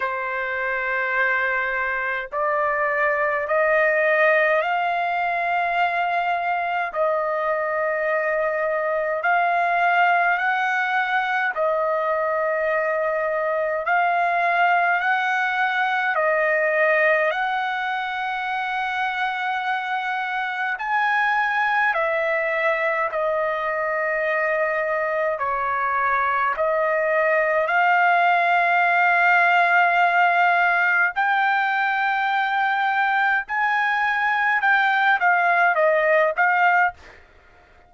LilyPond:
\new Staff \with { instrumentName = "trumpet" } { \time 4/4 \tempo 4 = 52 c''2 d''4 dis''4 | f''2 dis''2 | f''4 fis''4 dis''2 | f''4 fis''4 dis''4 fis''4~ |
fis''2 gis''4 e''4 | dis''2 cis''4 dis''4 | f''2. g''4~ | g''4 gis''4 g''8 f''8 dis''8 f''8 | }